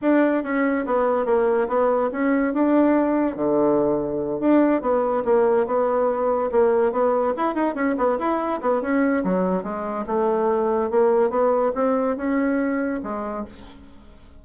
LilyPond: \new Staff \with { instrumentName = "bassoon" } { \time 4/4 \tempo 4 = 143 d'4 cis'4 b4 ais4 | b4 cis'4 d'2 | d2~ d8 d'4 b8~ | b8 ais4 b2 ais8~ |
ais8 b4 e'8 dis'8 cis'8 b8 e'8~ | e'8 b8 cis'4 fis4 gis4 | a2 ais4 b4 | c'4 cis'2 gis4 | }